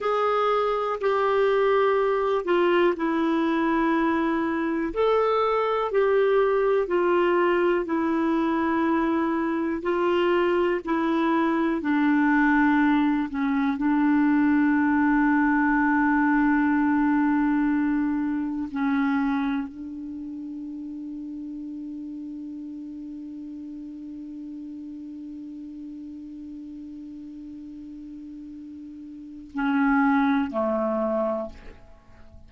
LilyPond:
\new Staff \with { instrumentName = "clarinet" } { \time 4/4 \tempo 4 = 61 gis'4 g'4. f'8 e'4~ | e'4 a'4 g'4 f'4 | e'2 f'4 e'4 | d'4. cis'8 d'2~ |
d'2. cis'4 | d'1~ | d'1~ | d'2 cis'4 a4 | }